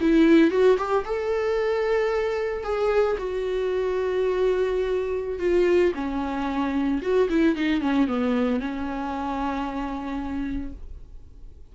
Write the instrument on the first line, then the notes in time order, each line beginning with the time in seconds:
viola
0.00 E4
0.50 F#4
0.77 G4
1.05 A4
2.64 G#4
3.18 F#4
5.39 F4
5.94 C#4
7.02 F#4
7.29 E4
7.56 D#4
7.81 C#4
8.07 B3
8.60 C#4